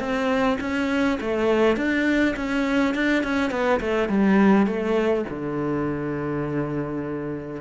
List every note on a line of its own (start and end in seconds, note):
0.00 0.58 C4
0.61 1.19 C#4
1.21 1.77 A3
1.77 2.35 D4
2.37 2.95 C#4
2.95 3.24 D4
3.24 3.51 C#4
3.51 3.80 B3
3.80 4.09 A3
4.09 4.67 G3
4.67 5.25 A3
5.30 7.62 D3